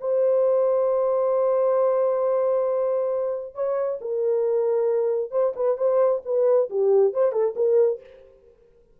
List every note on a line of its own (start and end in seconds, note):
0.00 3.54 C5
3.54 3.99 C#5
4.01 5.31 A#4
5.31 5.53 C5
5.55 5.77 B4
5.77 6.21 C5
6.25 6.69 B4
6.69 7.13 G4
7.13 7.32 C5
7.32 7.54 A4
7.55 8.00 A#4